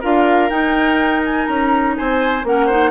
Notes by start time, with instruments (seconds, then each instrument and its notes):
0.00 bassoon D4, clarinet F4, oboe A#4, flute F5
0.50 clarinet D#4, bassoon D#4, flute G5
1.25 flute G#5
1.46 bassoon C#4, flute A#5
1.97 bassoon C4, oboe C5, flute G#5
2.44 bassoon A#3, clarinet C#4, oboe A#4, flute F#5
2.66 clarinet D#4, oboe C5